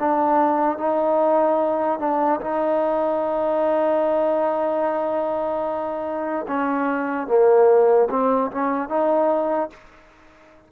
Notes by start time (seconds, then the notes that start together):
0.00 D4
0.78 D#4
1.99 D4
2.41 D#4
6.48 C#4
7.28 A#3
8.10 C4
8.51 C#4
8.89 D#4